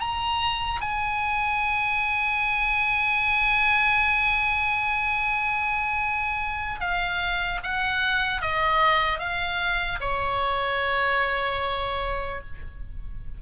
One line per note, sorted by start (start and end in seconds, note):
0.00 0.80 A#5
0.81 6.80 G#5
6.80 7.60 F5
7.63 8.41 F#5
8.41 9.19 D#5
9.19 9.99 F5
10.00 12.40 C#5